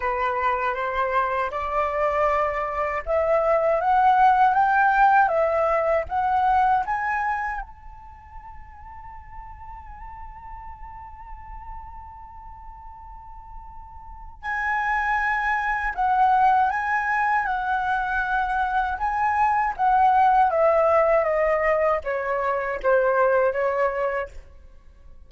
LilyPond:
\new Staff \with { instrumentName = "flute" } { \time 4/4 \tempo 4 = 79 b'4 c''4 d''2 | e''4 fis''4 g''4 e''4 | fis''4 gis''4 a''2~ | a''1~ |
a''2. gis''4~ | gis''4 fis''4 gis''4 fis''4~ | fis''4 gis''4 fis''4 e''4 | dis''4 cis''4 c''4 cis''4 | }